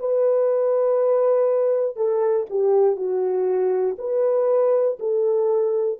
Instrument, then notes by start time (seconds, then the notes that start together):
horn
0.00 B4
1.96 A4
2.50 G4
2.97 F#4
3.99 B4
5.00 A4